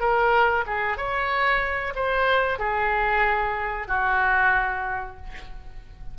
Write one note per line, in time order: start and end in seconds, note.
0.00 0.65 A#4
0.66 0.97 G#4
0.97 1.94 C#5
1.95 2.59 C5
2.59 3.88 G#4
3.88 5.17 F#4